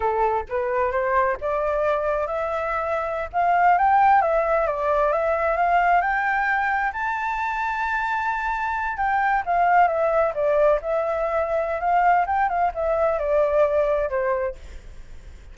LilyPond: \new Staff \with { instrumentName = "flute" } { \time 4/4 \tempo 4 = 132 a'4 b'4 c''4 d''4~ | d''4 e''2~ e''16 f''8.~ | f''16 g''4 e''4 d''4 e''8.~ | e''16 f''4 g''2 a''8.~ |
a''2.~ a''8. g''16~ | g''8. f''4 e''4 d''4 e''16~ | e''2 f''4 g''8 f''8 | e''4 d''2 c''4 | }